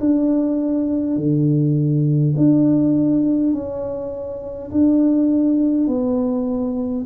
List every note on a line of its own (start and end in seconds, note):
0.00 1.17 D4
1.17 2.34 D3
2.37 3.53 D4
3.53 4.71 C#4
4.71 5.87 D4
5.87 7.05 B3